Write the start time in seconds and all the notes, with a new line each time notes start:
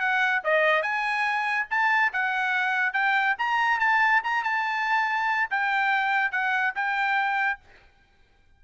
0.00 F#5
0.44 D#5
0.83 G#5
1.71 A5
2.13 F#5
2.94 G5
3.39 A#5
3.80 A5
4.24 A#5
4.44 A5
5.51 G5
6.32 F#5
6.76 G5